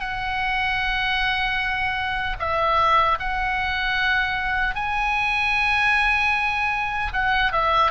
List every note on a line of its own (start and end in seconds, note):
0.00 2.37 F#5
2.40 3.19 E5
3.20 4.75 F#5
4.75 7.12 G#5
7.13 7.53 F#5
7.53 7.92 E5